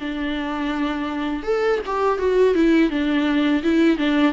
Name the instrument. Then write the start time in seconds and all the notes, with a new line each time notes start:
viola
0.00 D4
1.44 A4
1.86 G4
2.19 F#4
2.55 E4
2.90 D4
3.63 E4
3.98 D4